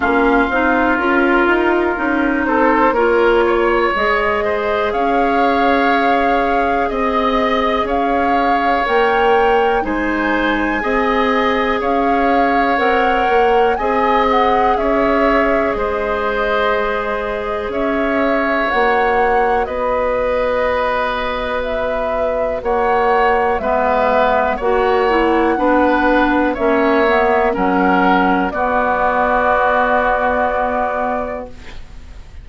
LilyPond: <<
  \new Staff \with { instrumentName = "flute" } { \time 4/4 \tempo 4 = 61 f''4 ais'4. c''8 cis''4 | dis''4 f''2 dis''4 | f''4 g''4 gis''2 | f''4 fis''4 gis''8 fis''8 e''4 |
dis''2 e''4 fis''4 | dis''2 e''4 fis''4 | e''4 fis''2 e''4 | fis''4 d''2. | }
  \new Staff \with { instrumentName = "oboe" } { \time 4/4 f'2~ f'8 a'8 ais'8 cis''8~ | cis''8 c''8 cis''2 dis''4 | cis''2 c''4 dis''4 | cis''2 dis''4 cis''4 |
c''2 cis''2 | b'2. cis''4 | b'4 cis''4 b'4 cis''4 | ais'4 fis'2. | }
  \new Staff \with { instrumentName = "clarinet" } { \time 4/4 cis'8 dis'8 f'4 dis'4 f'4 | gis'1~ | gis'4 ais'4 dis'4 gis'4~ | gis'4 ais'4 gis'2~ |
gis'2. fis'4~ | fis'1 | b4 fis'8 e'8 d'4 cis'8 b8 | cis'4 b2. | }
  \new Staff \with { instrumentName = "bassoon" } { \time 4/4 ais8 c'8 cis'8 dis'8 cis'8 c'8 ais4 | gis4 cis'2 c'4 | cis'4 ais4 gis4 c'4 | cis'4 c'8 ais8 c'4 cis'4 |
gis2 cis'4 ais4 | b2. ais4 | gis4 ais4 b4 ais4 | fis4 b2. | }
>>